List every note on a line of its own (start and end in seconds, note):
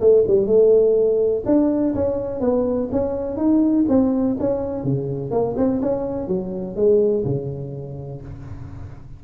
0.00 0.24 A3
0.27 0.46 G3
0.46 1.43 A3
1.45 1.94 D4
1.95 2.40 C#4
2.40 2.89 B3
2.91 3.37 C#4
3.37 3.85 D#4
3.88 4.37 C4
4.39 4.83 C#4
4.83 5.30 C#3
5.30 5.55 A#3
5.56 5.81 C4
5.82 6.27 C#4
6.27 6.76 F#3
6.76 7.24 G#3
7.25 8.21 C#3